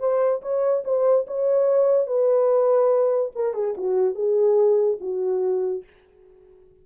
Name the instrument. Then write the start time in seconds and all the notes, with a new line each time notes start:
horn
0.00 C5
0.42 C#5
0.85 C5
1.27 C#5
2.07 B4
3.36 A#4
3.54 G#4
3.77 F#4
4.15 G#4
5.01 F#4